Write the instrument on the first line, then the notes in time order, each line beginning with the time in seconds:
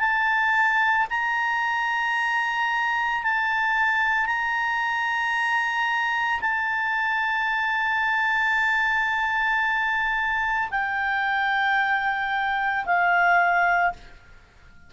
clarinet
0.00 A5
1.10 A#5
3.24 A5
4.27 A#5
6.41 A5
10.71 G5
12.86 F5